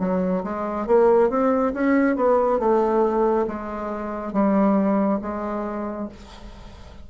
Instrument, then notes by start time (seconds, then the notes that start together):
bassoon
0.00 F#3
0.44 G#3
0.87 A#3
1.30 C4
1.74 C#4
2.16 B3
2.60 A3
3.48 G#3
4.33 G3
5.22 G#3